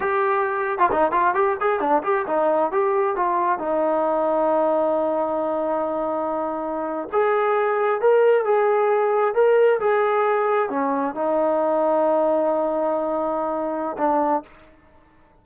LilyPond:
\new Staff \with { instrumentName = "trombone" } { \time 4/4 \tempo 4 = 133 g'4.~ g'16 f'16 dis'8 f'8 g'8 gis'8 | d'8 g'8 dis'4 g'4 f'4 | dis'1~ | dis'2.~ dis'8. gis'16~ |
gis'4.~ gis'16 ais'4 gis'4~ gis'16~ | gis'8. ais'4 gis'2 cis'16~ | cis'8. dis'2.~ dis'16~ | dis'2. d'4 | }